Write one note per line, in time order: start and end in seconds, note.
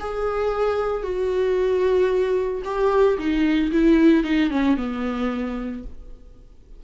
0.00 1.03 G#4
1.03 2.63 F#4
2.65 3.18 G4
3.18 3.71 D#4
3.72 4.24 E4
4.24 4.51 D#4
4.51 4.77 C#4
4.77 5.83 B3